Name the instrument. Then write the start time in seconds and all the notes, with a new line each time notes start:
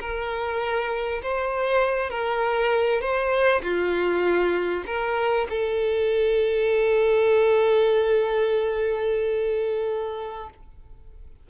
violin
0.00 A#4
1.22 C5
2.10 A#4
3.01 C5
3.62 F4
4.86 A#4
5.49 A4